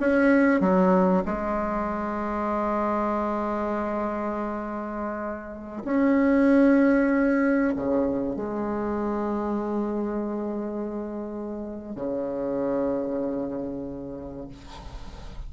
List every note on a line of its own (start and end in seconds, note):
0.00 0.61 C#4
0.61 1.24 F#3
1.25 5.83 G#3
5.84 7.74 C#4
7.76 8.36 C#3
8.36 11.96 G#3
11.96 14.48 C#3